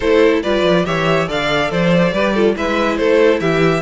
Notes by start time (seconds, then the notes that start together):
0.00 A3 E4 A4 C5
0.43 G3 F4 B4 D5
0.63 F3
0.85 E3 G4 C#5 E5
1.27 D3 A4 D5 F5
1.70 F3 C5 D5
2.12 G3 G4 B4
2.33 F4 A4
2.55 G#3 E4 B4 E5
2.96 A3 A4 C5
3.40 E3 G4 E5